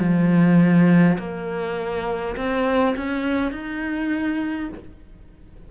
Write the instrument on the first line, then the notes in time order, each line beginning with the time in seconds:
cello
0.00 F3
1.18 A#3
2.36 C4
2.96 C#4
3.51 D#4